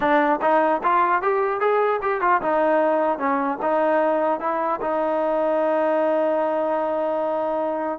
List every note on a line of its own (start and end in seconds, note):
0.00 0.40 D4
0.41 0.81 D#4
0.83 1.21 F4
1.21 1.60 G4
1.60 2.00 G#4
2.02 2.21 G4
2.21 2.41 F4
2.41 3.18 D#4
3.18 3.58 C#4
3.62 4.39 D#4
4.39 4.79 E4
4.81 7.98 D#4